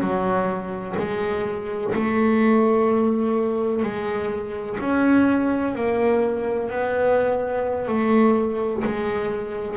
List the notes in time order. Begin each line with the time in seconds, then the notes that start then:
0.00 F#3
0.98 G#3
1.94 A3
3.83 G#3
4.80 C#4
5.74 A#3
6.70 B3
7.87 A3
8.84 G#3